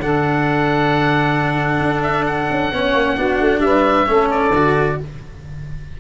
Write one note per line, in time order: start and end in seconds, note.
0.00 1.80 D3
0.00 2.73 D4
0.00 2.74 A4
0.00 2.03 F#5
1.80 2.47 D4
2.03 2.25 E5
2.27 3.60 F#5
2.50 2.72 C#4
2.72 2.94 B3
2.72 3.17 C#4
2.72 3.16 C#5
2.94 3.17 A#3
3.16 3.40 B3
3.16 4.06 D4
3.16 3.61 F#4
3.41 3.60 A3
3.60 4.05 G3
3.60 4.09 B4
3.60 4.28 E5
4.06 4.50 A3
4.06 4.51 C#4
4.06 4.99 A4
4.31 4.99 D5
4.50 4.95 D3
4.50 5.00 F#4